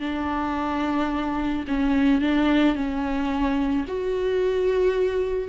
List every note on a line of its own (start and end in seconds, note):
0.00 1.65 D4
1.68 2.22 C#4
2.22 2.75 D4
2.75 3.86 C#4
3.88 5.49 F#4